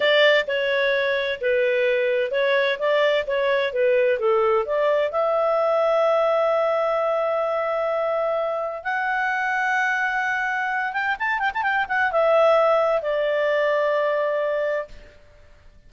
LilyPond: \new Staff \with { instrumentName = "clarinet" } { \time 4/4 \tempo 4 = 129 d''4 cis''2 b'4~ | b'4 cis''4 d''4 cis''4 | b'4 a'4 d''4 e''4~ | e''1~ |
e''2. fis''4~ | fis''2.~ fis''8 g''8 | a''8 g''16 a''16 g''8 fis''8 e''2 | d''1 | }